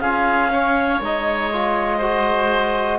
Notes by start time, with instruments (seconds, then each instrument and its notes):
0.00 cello C#4, trombone F4, oboe G#4, clarinet F5
0.50 trombone C#4, oboe C#5
1.00 cello G#3, trombone D#4, clarinet D#5
1.52 trombone F4
1.97 trombone F#4, oboe C5